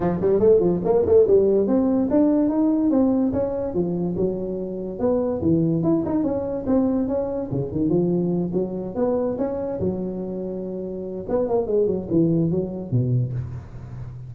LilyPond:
\new Staff \with { instrumentName = "tuba" } { \time 4/4 \tempo 4 = 144 f8 g8 a8 f8 ais8 a8 g4 | c'4 d'4 dis'4 c'4 | cis'4 f4 fis2 | b4 e4 e'8 dis'8 cis'4 |
c'4 cis'4 cis8 dis8 f4~ | f8 fis4 b4 cis'4 fis8~ | fis2. b8 ais8 | gis8 fis8 e4 fis4 b,4 | }